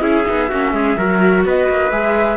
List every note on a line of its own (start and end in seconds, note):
0.00 0.24 C#4
0.00 0.24 E4
0.00 0.49 G#4
0.00 1.43 E5
0.26 0.51 B3
0.26 0.49 D#4
0.49 0.72 A#3
0.49 0.97 C#4
0.49 0.72 F#4
0.72 0.95 G#3
0.72 0.98 G#4
0.97 1.44 F#3
0.97 1.91 F#4
0.97 1.45 A#4
1.44 1.68 B3
1.44 2.36 B4
1.44 1.90 D#5
1.69 1.91 A#3
1.90 2.36 G#3
1.90 2.36 G#4
1.90 2.36 E5